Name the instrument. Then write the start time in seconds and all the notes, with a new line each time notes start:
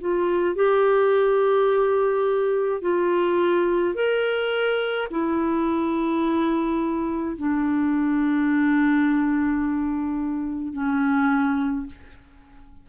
clarinet
0.00 F4
0.56 G4
2.81 F4
3.95 A#4
5.11 E4
7.38 D4
10.73 C#4